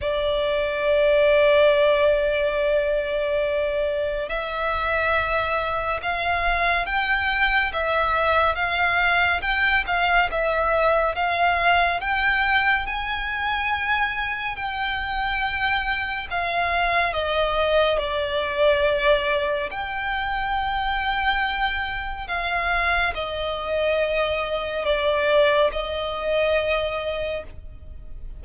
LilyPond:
\new Staff \with { instrumentName = "violin" } { \time 4/4 \tempo 4 = 70 d''1~ | d''4 e''2 f''4 | g''4 e''4 f''4 g''8 f''8 | e''4 f''4 g''4 gis''4~ |
gis''4 g''2 f''4 | dis''4 d''2 g''4~ | g''2 f''4 dis''4~ | dis''4 d''4 dis''2 | }